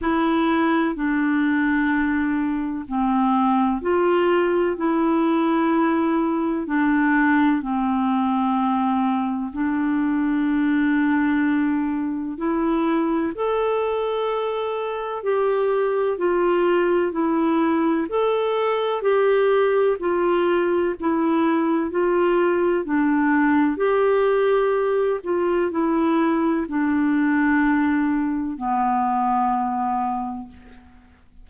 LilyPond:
\new Staff \with { instrumentName = "clarinet" } { \time 4/4 \tempo 4 = 63 e'4 d'2 c'4 | f'4 e'2 d'4 | c'2 d'2~ | d'4 e'4 a'2 |
g'4 f'4 e'4 a'4 | g'4 f'4 e'4 f'4 | d'4 g'4. f'8 e'4 | d'2 b2 | }